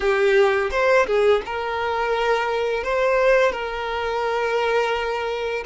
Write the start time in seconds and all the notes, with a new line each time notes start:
0.00 G4
0.71 C5
1.07 G#4
1.45 A#4
2.83 C5
3.52 A#4